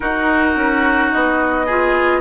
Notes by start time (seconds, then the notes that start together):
0.00 D#4 F#4 A#4
0.55 C#4
1.11 B3 D#5
1.66 F4 G#4